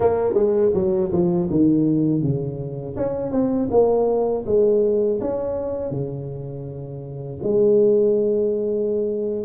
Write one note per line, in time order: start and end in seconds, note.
0.00 0.34 A#3
0.34 0.71 G#3
0.74 1.11 F#3
1.12 1.49 F3
1.50 2.22 D#3
2.22 2.96 C#3
2.96 3.31 C#4
3.31 3.68 C4
3.70 4.44 A#3
4.46 5.20 G#3
5.21 5.91 C#4
5.91 7.39 C#3
7.43 9.45 G#3